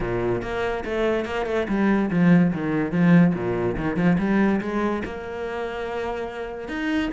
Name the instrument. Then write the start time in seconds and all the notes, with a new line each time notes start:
cello
0.00 A#2
0.42 A#3
0.84 A3
1.25 A#3
1.46 A3
1.68 G3
2.10 F3
2.53 D#3
2.91 F3
3.34 A#2
3.76 D#3
3.96 F3
4.18 G3
4.60 G#3
5.04 A#3
6.68 D#4